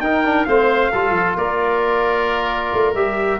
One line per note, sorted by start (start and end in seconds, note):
0.00 0.45 D#4
0.00 0.24 D#4
0.00 0.47 A#4
0.00 0.45 G5
0.24 0.47 D4
0.45 0.92 A3
0.45 0.92 C4
0.45 0.91 C5
0.45 1.35 F5
0.91 1.10 G3
0.91 2.95 F4
0.91 1.37 A4
1.10 1.33 F3
1.36 2.71 A#3
1.36 3.40 A#4
1.36 2.94 D5
2.73 2.94 A3
2.94 3.39 G3
2.94 3.40 G4
2.94 3.40 E5